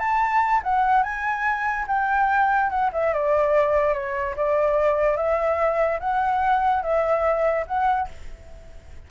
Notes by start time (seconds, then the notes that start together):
0.00 A5
0.64 F#5
1.04 G#5
1.88 G5
2.70 F#5
2.93 E5
3.14 D5
3.94 C#5
4.37 D5
5.17 E5
6.00 F#5
6.83 E5
7.67 F#5